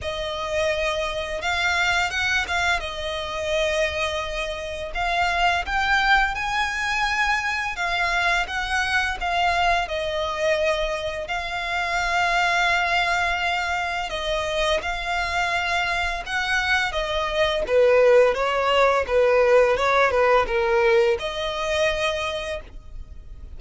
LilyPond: \new Staff \with { instrumentName = "violin" } { \time 4/4 \tempo 4 = 85 dis''2 f''4 fis''8 f''8 | dis''2. f''4 | g''4 gis''2 f''4 | fis''4 f''4 dis''2 |
f''1 | dis''4 f''2 fis''4 | dis''4 b'4 cis''4 b'4 | cis''8 b'8 ais'4 dis''2 | }